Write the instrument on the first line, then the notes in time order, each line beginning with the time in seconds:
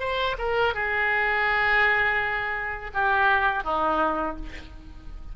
oboe
0.00 C5
0.38 A#4
0.74 G#4
2.94 G4
3.64 D#4